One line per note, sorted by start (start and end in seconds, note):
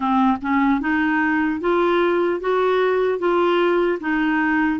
0.00 0.37 C4
0.41 0.80 C#4
0.80 1.60 D#4
1.60 2.40 F4
2.40 3.18 F#4
3.18 3.98 F4
4.00 4.80 D#4